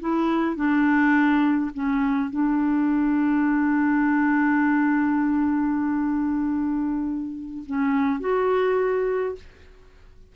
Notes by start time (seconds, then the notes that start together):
0.00 E4
0.55 D4
1.74 C#4
2.30 D4
7.66 C#4
8.20 F#4